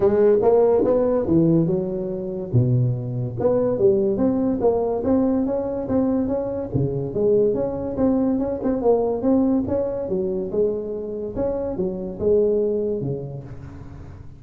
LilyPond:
\new Staff \with { instrumentName = "tuba" } { \time 4/4 \tempo 4 = 143 gis4 ais4 b4 e4 | fis2 b,2 | b4 g4 c'4 ais4 | c'4 cis'4 c'4 cis'4 |
cis4 gis4 cis'4 c'4 | cis'8 c'8 ais4 c'4 cis'4 | fis4 gis2 cis'4 | fis4 gis2 cis4 | }